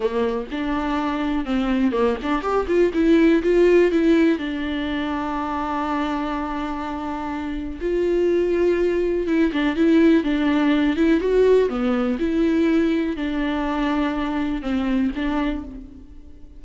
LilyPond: \new Staff \with { instrumentName = "viola" } { \time 4/4 \tempo 4 = 123 ais4 d'2 c'4 | ais8 d'8 g'8 f'8 e'4 f'4 | e'4 d'2.~ | d'1 |
f'2. e'8 d'8 | e'4 d'4. e'8 fis'4 | b4 e'2 d'4~ | d'2 c'4 d'4 | }